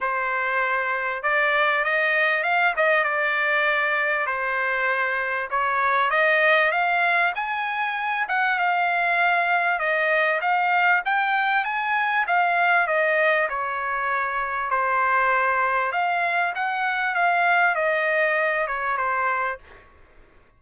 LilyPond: \new Staff \with { instrumentName = "trumpet" } { \time 4/4 \tempo 4 = 98 c''2 d''4 dis''4 | f''8 dis''8 d''2 c''4~ | c''4 cis''4 dis''4 f''4 | gis''4. fis''8 f''2 |
dis''4 f''4 g''4 gis''4 | f''4 dis''4 cis''2 | c''2 f''4 fis''4 | f''4 dis''4. cis''8 c''4 | }